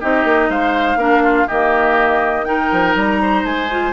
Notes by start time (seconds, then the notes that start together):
0.00 C4 D#4 G4 D#5
0.24 A#3
0.49 G#3 C5 F5
0.95 A#3 D4 A#4
1.23 F4
1.47 D#3 A#3 G4 D#5
2.44 D#4 A#4 G5
2.71 F3
2.95 G3 A#5
3.22 C5
3.44 G#3 G#5
3.70 F4